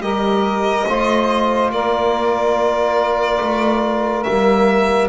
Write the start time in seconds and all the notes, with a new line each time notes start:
0.00 G3 G4 A#4 D#5
0.87 A3 F4 C5
1.70 A#3 A#4 D5
3.40 A3
4.23 G3 A#3 E5